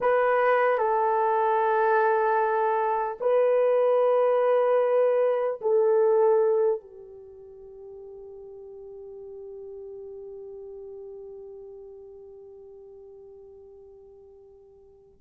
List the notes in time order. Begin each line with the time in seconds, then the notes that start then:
0.00 B4
0.77 A4
3.20 B4
5.61 A4
6.80 G4